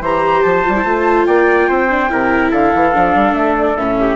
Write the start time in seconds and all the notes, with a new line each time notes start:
0.00 E3 G4 C5 A#5
0.42 F3 A5
0.63 G3 F4
0.75 E4
0.84 A3 F4
1.26 A#3 D5 G5
1.69 C4 C5
1.89 D4
2.09 C3 E4 A#4
2.51 D3 A4 F5
2.74 E3
2.94 F3 D4
3.15 G3
3.33 A3 E5
3.58 D5
3.77 A2 C#4 E5
4.00 G4